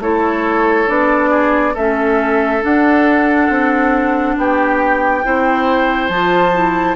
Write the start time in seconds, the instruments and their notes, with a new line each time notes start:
0.00 bassoon A3, clarinet E4, oboe A4, flute C#5
0.87 bassoon B3, clarinet D4, flute D5
1.31 oboe G#4
1.74 bassoon A3, clarinet C#4, oboe A4, flute E5
2.62 clarinet D4, bassoon D4, flute F#5
3.50 bassoon C4
4.38 bassoon B3, oboe G4, flute G5
5.24 bassoon C4, clarinet E4, oboe C5
6.09 bassoon F3, clarinet F4, flute A5
6.55 clarinet E4